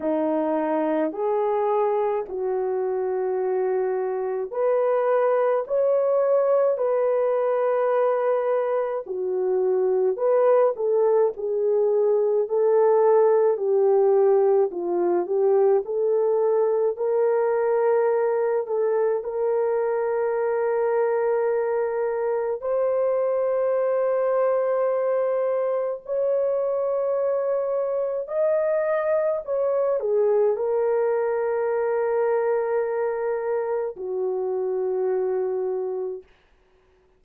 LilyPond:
\new Staff \with { instrumentName = "horn" } { \time 4/4 \tempo 4 = 53 dis'4 gis'4 fis'2 | b'4 cis''4 b'2 | fis'4 b'8 a'8 gis'4 a'4 | g'4 f'8 g'8 a'4 ais'4~ |
ais'8 a'8 ais'2. | c''2. cis''4~ | cis''4 dis''4 cis''8 gis'8 ais'4~ | ais'2 fis'2 | }